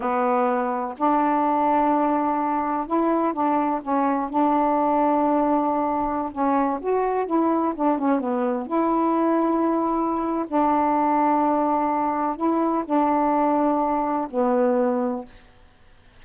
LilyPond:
\new Staff \with { instrumentName = "saxophone" } { \time 4/4 \tempo 4 = 126 b2 d'2~ | d'2 e'4 d'4 | cis'4 d'2.~ | d'4~ d'16 cis'4 fis'4 e'8.~ |
e'16 d'8 cis'8 b4 e'4.~ e'16~ | e'2 d'2~ | d'2 e'4 d'4~ | d'2 b2 | }